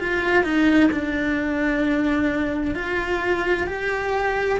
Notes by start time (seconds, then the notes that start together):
0.00 F4
0.44 D#4
0.91 D4
2.74 F4
3.67 G4